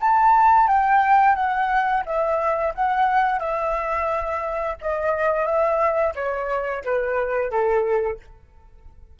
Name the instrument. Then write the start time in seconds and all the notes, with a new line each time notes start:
flute
0.00 A5
0.68 G5
1.35 F#5
2.05 E5
2.74 F#5
3.39 E5
4.81 D#5
5.45 E5
6.15 C#5
6.84 B4
7.50 A4